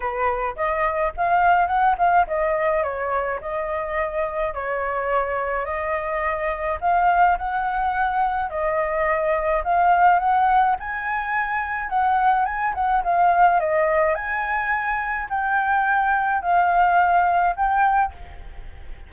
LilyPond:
\new Staff \with { instrumentName = "flute" } { \time 4/4 \tempo 4 = 106 b'4 dis''4 f''4 fis''8 f''8 | dis''4 cis''4 dis''2 | cis''2 dis''2 | f''4 fis''2 dis''4~ |
dis''4 f''4 fis''4 gis''4~ | gis''4 fis''4 gis''8 fis''8 f''4 | dis''4 gis''2 g''4~ | g''4 f''2 g''4 | }